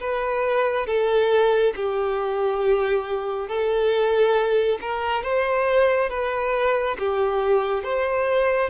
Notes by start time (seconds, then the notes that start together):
0.00 B4
0.87 A4
1.76 G4
3.49 A4
4.81 A#4
5.23 C5
6.10 B4
6.99 G4
7.84 C5